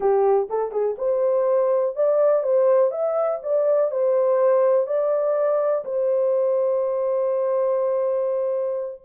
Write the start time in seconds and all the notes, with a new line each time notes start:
0.00 G4
0.49 A4
0.71 G#4
0.98 C5
1.95 D5
2.43 C5
2.91 E5
3.42 D5
3.91 C5
4.86 D5
5.84 C5